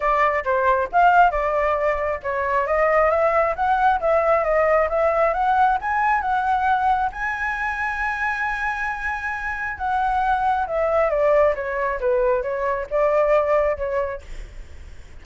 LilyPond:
\new Staff \with { instrumentName = "flute" } { \time 4/4 \tempo 4 = 135 d''4 c''4 f''4 d''4~ | d''4 cis''4 dis''4 e''4 | fis''4 e''4 dis''4 e''4 | fis''4 gis''4 fis''2 |
gis''1~ | gis''2 fis''2 | e''4 d''4 cis''4 b'4 | cis''4 d''2 cis''4 | }